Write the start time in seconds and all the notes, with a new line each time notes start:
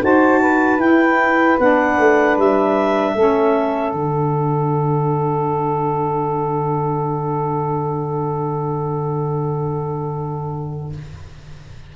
0.00 D#4 F#4 C5 A5
0.40 B4
0.78 E4 G5
1.59 B3 D4 F#5
1.98 A3
2.37 G3 E5
3.13 A3 C#4 A4
3.92 D3 D4 F#5